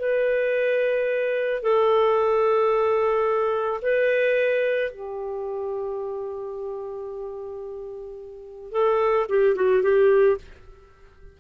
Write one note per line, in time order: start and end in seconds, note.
0.00 1.63 B4
1.63 3.81 A4
3.82 4.91 B4
4.92 8.72 G4
8.72 9.27 A4
9.30 9.56 G4
9.56 9.83 F#4
9.83 10.38 G4